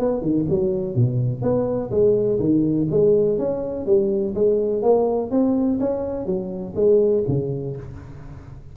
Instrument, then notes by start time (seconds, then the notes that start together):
tuba
0.00 B3
0.22 D#3
0.50 F#3
0.96 B2
1.43 B3
1.92 G#3
2.40 D#3
2.91 G#3
3.39 C#4
3.87 G3
4.35 G#3
4.83 A#3
5.31 C4
5.80 C#4
6.26 F#3
6.76 G#3
7.29 C#3